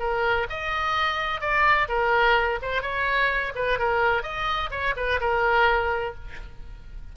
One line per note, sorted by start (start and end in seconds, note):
0.00 0.47 A#4
0.50 1.41 D#5
1.41 1.88 D5
1.89 2.60 A#4
2.62 2.83 C5
2.83 3.53 C#5
3.56 3.79 B4
3.79 4.23 A#4
4.23 4.71 D#5
4.71 4.95 C#5
4.97 5.21 B4
5.21 6.15 A#4